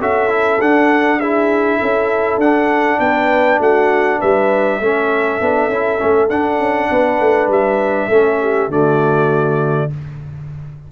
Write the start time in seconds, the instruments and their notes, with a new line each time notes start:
0.00 tuba C#4, trombone F#4, horn A4, trumpet E5
0.29 trombone E4
0.60 tuba D4, trombone D4, trumpet F#5
1.19 trombone E4, horn G#4, trumpet E5
1.78 tuba C#4, horn A4
2.38 tuba D4, trombone D4, trumpet F#5
3.00 tuba B3, horn B4, trumpet G5
3.59 tuba A3, horn F#4, trumpet F#5
4.18 tuba G3, horn B4, trumpet E5
4.80 tuba A3, trombone C#4, horn A4
5.41 tuba B3, trombone D4
5.69 tuba C#4, trombone E4
5.99 tuba A3, trombone C#4
6.30 tuba D4, trombone D4, trumpet F#5
6.59 tuba C#4
6.90 tuba B3, horn B4
7.20 tuba A3
7.48 tuba G3, trumpet E5
8.09 tuba A3, trombone C#4, horn A4
8.41 horn G4
8.68 tuba D3, trombone A3, horn F#4, trumpet D5